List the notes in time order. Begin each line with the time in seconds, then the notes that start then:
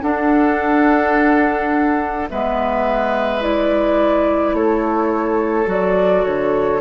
0.00 D4 A4 F#5
2.29 G#3 B3 B4 E5
3.40 E4 D5
4.53 A3 A4 C#5
5.66 F#3 F#4 D5
6.24 D3 C#5